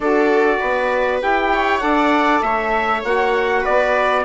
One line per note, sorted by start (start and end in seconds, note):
0.00 0.58 D4
0.00 1.20 F#4
0.00 0.59 A4
0.00 1.21 D5
0.59 1.22 B3
0.59 1.50 B4
1.20 1.82 E4
1.20 1.79 G4
1.20 1.78 G5
1.53 1.82 C#5
1.78 2.42 D4
1.78 3.00 A4
1.78 2.43 D5
1.78 2.39 F#5
2.41 3.03 A3
2.41 3.61 C#5
2.41 3.02 E5
3.03 3.64 A#3
3.03 4.24 F#4
3.03 3.65 F#5
3.61 4.24 B3
3.61 4.22 B4
3.61 4.24 D5